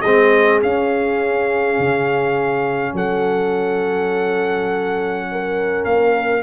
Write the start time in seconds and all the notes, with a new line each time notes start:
0.00 G#3 C4 G#4 D#5
0.61 C#4 F5
1.78 C#3
2.93 F#3 A4 F#5
5.31 A#4
5.84 A#3 F5